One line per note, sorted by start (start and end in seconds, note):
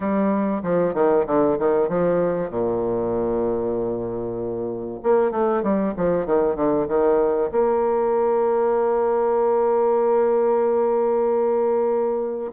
0.00 0.62 G3
0.62 0.94 F3
0.94 1.25 D#3
1.26 1.57 D3
1.58 1.89 D#3
1.89 2.50 F3
2.50 5.00 A#2
5.03 5.31 A#3
5.31 5.62 A3
5.62 5.93 G3
5.96 6.26 F3
6.26 6.55 D#3
6.55 6.86 D3
6.88 7.50 D#3
7.51 12.51 A#3